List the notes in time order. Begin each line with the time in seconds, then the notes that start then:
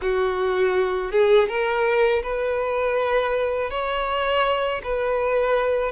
0.01 F#4
1.11 G#4
1.48 A#4
2.22 B4
3.70 C#5
4.84 B4